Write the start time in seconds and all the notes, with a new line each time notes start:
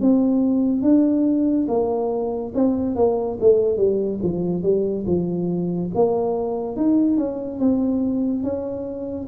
0.00 C4
0.82 D4
1.67 A#3
2.54 C4
2.95 A#3
3.40 A3
3.77 G3
4.22 F3
4.62 G3
5.06 F3
5.94 A#3
6.76 D#4
7.17 C#4
7.59 C4
8.43 C#4